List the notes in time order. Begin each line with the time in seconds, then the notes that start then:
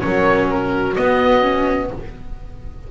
0.00 F#3 C#4 A#4 C#5
0.50 F#4 A#4
0.95 B3 D#5
1.42 C#4